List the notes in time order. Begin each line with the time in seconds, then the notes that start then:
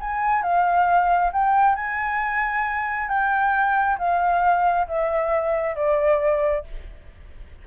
0.00 G#5
0.43 F5
1.33 G5
1.76 G#5
3.08 G5
3.99 F5
4.88 E5
5.76 D5